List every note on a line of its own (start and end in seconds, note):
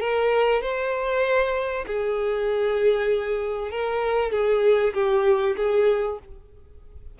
0.00 0.62 A#4
0.62 1.85 C5
1.86 3.71 G#4
3.71 4.31 A#4
4.31 4.93 G#4
4.94 5.56 G4
5.56 6.18 G#4